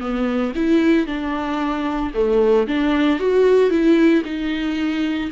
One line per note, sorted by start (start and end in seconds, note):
0.00 0.53 B3
0.55 1.06 E4
1.06 2.12 D4
2.14 2.67 A3
2.67 3.19 D4
3.19 3.70 F#4
3.70 4.23 E4
4.25 5.30 D#4